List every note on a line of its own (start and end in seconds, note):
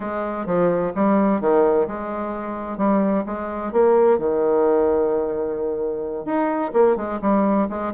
0.00 0.45 G#3
0.45 0.92 F3
0.95 1.40 G3
1.40 1.87 D#3
1.87 2.77 G#3
2.77 3.24 G3
3.26 3.72 G#3
3.72 4.18 A#3
4.18 6.25 D#3
6.25 6.71 D#4
6.73 6.96 A#3
6.96 7.19 G#3
7.21 7.68 G3
7.69 7.93 G#3